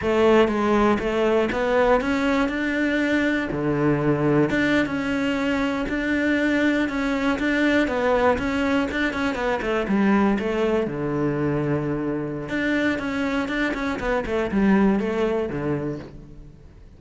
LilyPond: \new Staff \with { instrumentName = "cello" } { \time 4/4 \tempo 4 = 120 a4 gis4 a4 b4 | cis'4 d'2 d4~ | d4 d'8. cis'2 d'16~ | d'4.~ d'16 cis'4 d'4 b16~ |
b8. cis'4 d'8 cis'8 b8 a8 g16~ | g8. a4 d2~ d16~ | d4 d'4 cis'4 d'8 cis'8 | b8 a8 g4 a4 d4 | }